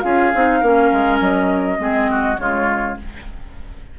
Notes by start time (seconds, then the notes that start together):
0.00 C#4 F4 G#4 F5
0.34 C4 D#4
0.60 A#3 C#4 A#4
0.92 G#3
1.20 F#3 D#5
1.78 G#3 C4 G#4
2.10 F#4
2.37 C#3 G#3 F4 C#5